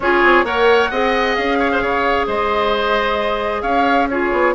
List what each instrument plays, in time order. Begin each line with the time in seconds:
0.00 bassoon C#4, clarinet F4, oboe G#4, flute C#5
0.23 bassoon C4
0.44 bassoon A#3, clarinet A#4, oboe C#5, flute F#5
0.90 bassoon C4, clarinet G#4, oboe D#5
1.35 bassoon C#4, flute F5
1.59 oboe C#5
1.72 oboe C5
1.81 bassoon C#3, oboe C#5
2.26 bassoon G#3, oboe C5, flute D#5
3.62 bassoon C#4, oboe C#5, flute F5
4.09 clarinet F4, oboe G#4, flute C#5
4.32 bassoon B3